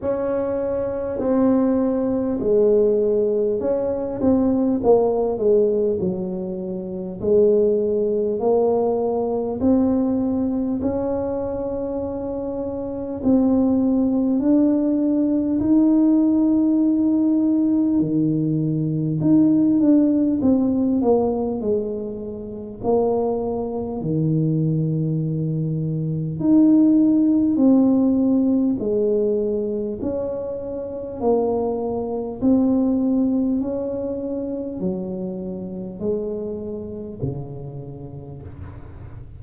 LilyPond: \new Staff \with { instrumentName = "tuba" } { \time 4/4 \tempo 4 = 50 cis'4 c'4 gis4 cis'8 c'8 | ais8 gis8 fis4 gis4 ais4 | c'4 cis'2 c'4 | d'4 dis'2 dis4 |
dis'8 d'8 c'8 ais8 gis4 ais4 | dis2 dis'4 c'4 | gis4 cis'4 ais4 c'4 | cis'4 fis4 gis4 cis4 | }